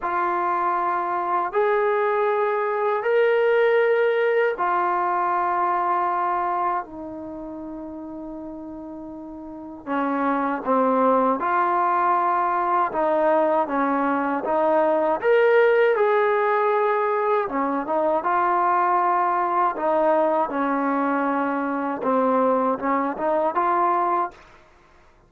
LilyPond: \new Staff \with { instrumentName = "trombone" } { \time 4/4 \tempo 4 = 79 f'2 gis'2 | ais'2 f'2~ | f'4 dis'2.~ | dis'4 cis'4 c'4 f'4~ |
f'4 dis'4 cis'4 dis'4 | ais'4 gis'2 cis'8 dis'8 | f'2 dis'4 cis'4~ | cis'4 c'4 cis'8 dis'8 f'4 | }